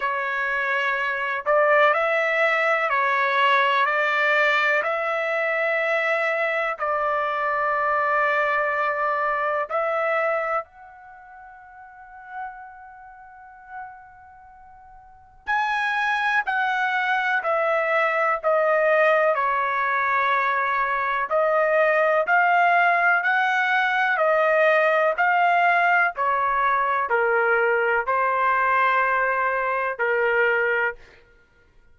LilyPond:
\new Staff \with { instrumentName = "trumpet" } { \time 4/4 \tempo 4 = 62 cis''4. d''8 e''4 cis''4 | d''4 e''2 d''4~ | d''2 e''4 fis''4~ | fis''1 |
gis''4 fis''4 e''4 dis''4 | cis''2 dis''4 f''4 | fis''4 dis''4 f''4 cis''4 | ais'4 c''2 ais'4 | }